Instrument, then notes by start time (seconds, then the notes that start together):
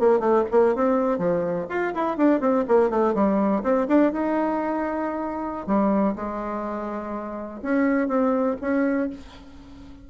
bassoon
0.00 A#3
0.20 A3
0.52 A#3
0.75 C4
1.19 F3
1.70 F4
1.95 E4
2.18 D4
2.41 C4
2.69 A#3
2.91 A3
3.15 G3
3.64 C4
3.89 D4
4.13 D#4
5.67 G3
6.16 G#3
7.63 C#4
8.09 C4
8.62 C#4